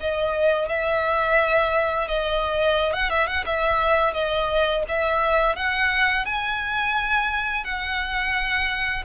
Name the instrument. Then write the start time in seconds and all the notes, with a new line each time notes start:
violin
0.00 D#5
0.68 E5
2.08 D#5
2.93 F#5
3.10 E5
3.27 F#5
3.46 E5
4.14 D#5
4.88 E5
5.56 F#5
6.25 G#5
7.64 F#5